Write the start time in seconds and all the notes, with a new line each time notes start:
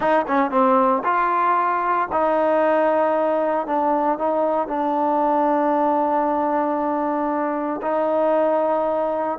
0.00 D#4
0.27 C#4
0.50 C4
1.03 F4
2.12 D#4
3.66 D4
4.18 D#4
4.67 D4
7.82 D#4